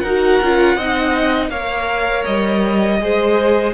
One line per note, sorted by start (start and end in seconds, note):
0.00 0.40 D#4
0.00 0.43 F#4
0.00 0.76 A#4
0.00 1.48 F#5
0.43 0.76 C#4
0.43 0.79 F4
0.76 1.49 C4
0.76 1.50 D#4
0.76 1.50 D#5
1.49 2.23 A#3
1.49 2.98 A#4
1.49 2.99 C#5
1.49 2.24 F5
2.25 3.01 G3
2.25 3.73 D#5
3.00 3.74 G#3
3.00 3.74 G#4
3.00 3.74 C5